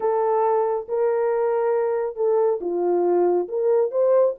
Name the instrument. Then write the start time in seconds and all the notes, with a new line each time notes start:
horn
0.00 A4
0.88 A#4
2.16 A4
2.60 F4
3.48 A#4
3.91 C5